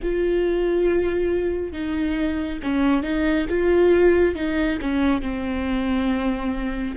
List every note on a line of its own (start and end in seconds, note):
0.02 1.72 F4
1.72 2.59 D#4
2.62 3.02 C#4
3.02 3.46 D#4
3.49 4.35 F4
4.35 4.78 D#4
4.81 5.21 C#4
5.21 6.95 C4